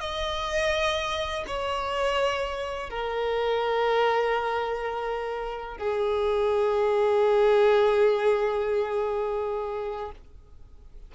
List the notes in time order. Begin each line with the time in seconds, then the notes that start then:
0.00 D#5
1.47 C#5
2.89 A#4
5.78 G#4